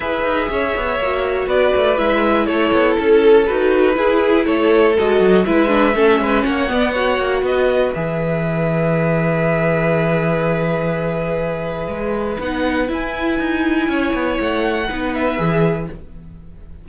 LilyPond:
<<
  \new Staff \with { instrumentName = "violin" } { \time 4/4 \tempo 4 = 121 e''2. d''4 | e''4 cis''4 a'4 b'4~ | b'4 cis''4 dis''4 e''4~ | e''4 fis''2 dis''4 |
e''1~ | e''1~ | e''4 fis''4 gis''2~ | gis''4 fis''4. e''4. | }
  \new Staff \with { instrumentName = "violin" } { \time 4/4 b'4 cis''2 b'4~ | b'4 a'2. | gis'4 a'2 b'4 | a'8 b'8 cis''8 d''8 cis''4 b'4~ |
b'1~ | b'1~ | b'1 | cis''2 b'2 | }
  \new Staff \with { instrumentName = "viola" } { \time 4/4 gis'2 fis'2 | e'2. fis'4 | e'2 fis'4 e'8 d'8 | cis'4. b8 fis'2 |
gis'1~ | gis'1~ | gis'4 dis'4 e'2~ | e'2 dis'4 gis'4 | }
  \new Staff \with { instrumentName = "cello" } { \time 4/4 e'8 dis'8 cis'8 b8 ais4 b8 a8 | gis4 a8 b8 cis'4 dis'4 | e'4 a4 gis8 fis8 gis4 | a8 gis8 ais8 b4 ais8 b4 |
e1~ | e1 | gis4 b4 e'4 dis'4 | cis'8 b8 a4 b4 e4 | }
>>